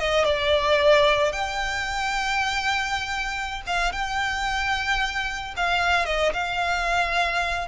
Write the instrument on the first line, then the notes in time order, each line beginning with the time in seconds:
violin
0.00 D#5
0.25 D5
1.32 G5
3.67 F5
3.93 G5
5.57 F5
6.06 D#5
6.34 F5